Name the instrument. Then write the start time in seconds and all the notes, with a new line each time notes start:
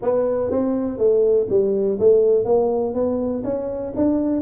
tuba
0.02 B3
0.51 C4
0.98 A3
1.49 G3
1.99 A3
2.45 A#3
2.94 B3
3.44 C#4
3.96 D4